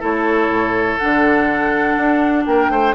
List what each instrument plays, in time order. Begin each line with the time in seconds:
0.00 bassoon A3, clarinet E4, oboe A4, flute C#5
0.49 bassoon A2
0.98 bassoon D3, clarinet D4, flute F#5
1.97 bassoon D4
2.46 bassoon A#3, oboe A#4, flute G5
2.70 bassoon A3, oboe C5